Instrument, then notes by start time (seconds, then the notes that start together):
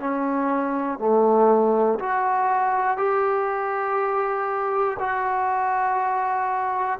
trombone
0.00 C#4
0.99 A3
2.00 F#4
2.97 G4
4.99 F#4